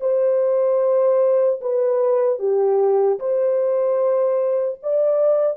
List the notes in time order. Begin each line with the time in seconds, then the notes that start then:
0.00 C5
1.61 B4
2.39 G4
3.19 C5
4.82 D5